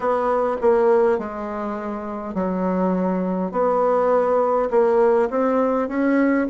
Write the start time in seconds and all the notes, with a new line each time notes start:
0.00 B3
0.61 A#3
1.18 G#3
2.34 F#3
3.51 B3
4.70 A#3
5.29 C4
5.88 C#4